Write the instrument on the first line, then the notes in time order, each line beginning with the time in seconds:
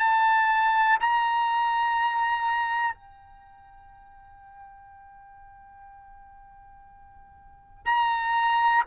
trumpet
0.00 A5
1.01 A#5
2.95 G5
7.86 A#5